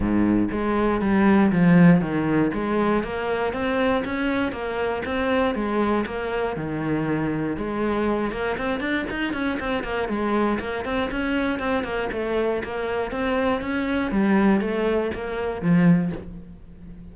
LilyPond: \new Staff \with { instrumentName = "cello" } { \time 4/4 \tempo 4 = 119 gis,4 gis4 g4 f4 | dis4 gis4 ais4 c'4 | cis'4 ais4 c'4 gis4 | ais4 dis2 gis4~ |
gis8 ais8 c'8 d'8 dis'8 cis'8 c'8 ais8 | gis4 ais8 c'8 cis'4 c'8 ais8 | a4 ais4 c'4 cis'4 | g4 a4 ais4 f4 | }